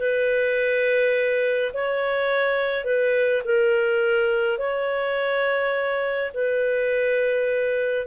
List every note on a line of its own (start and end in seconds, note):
0.00 1.73 B4
1.74 2.85 C#5
2.85 3.42 B4
3.45 4.59 A#4
4.59 6.32 C#5
6.34 8.07 B4